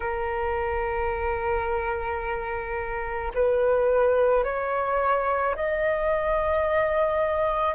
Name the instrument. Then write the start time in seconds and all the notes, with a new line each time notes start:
flute
0.00 A#4
3.34 B4
4.43 C#5
5.55 D#5